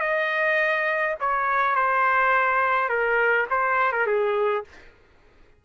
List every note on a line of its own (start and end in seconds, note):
0.00 1.15 D#5
1.20 1.76 C#5
1.76 2.89 C5
2.89 3.47 A#4
3.50 3.92 C5
3.92 4.07 A#4
4.07 4.64 G#4